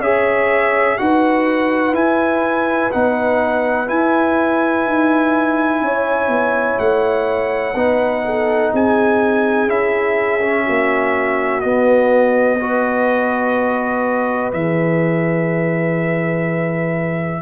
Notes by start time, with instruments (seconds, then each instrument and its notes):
0.00 tuba C#4, trombone G#4, horn C#5, trumpet E5
0.98 tuba D#4, trombone F#4, horn B4, trumpet F#5
1.93 tuba E4, trombone E4, trumpet G#5
2.92 tuba B3, trombone D#4, trumpet F#5
3.87 trombone E4, tuba E4, trumpet G#5
4.86 tuba D#4
5.81 tuba C#4, horn C#5
6.28 tuba B3
6.79 tuba A3, trumpet F#5
7.75 tuba B3, trombone D#4, horn B4
8.25 horn A4
8.73 tuba C4, horn G#4, trumpet G#5
9.68 tuba C#4, trombone E4, trumpet E5
10.42 trombone C#4
10.64 tuba A#3, horn F#4
11.61 trombone B3, tuba B3, trumpet D#5
12.60 trombone F#4, horn B4
14.53 tuba E3, trombone G#4, trumpet E5